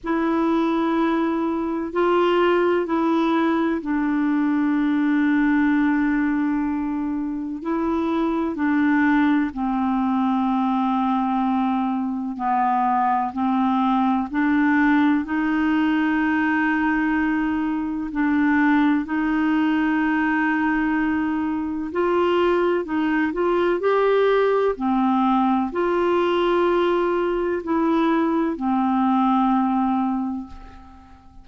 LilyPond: \new Staff \with { instrumentName = "clarinet" } { \time 4/4 \tempo 4 = 63 e'2 f'4 e'4 | d'1 | e'4 d'4 c'2~ | c'4 b4 c'4 d'4 |
dis'2. d'4 | dis'2. f'4 | dis'8 f'8 g'4 c'4 f'4~ | f'4 e'4 c'2 | }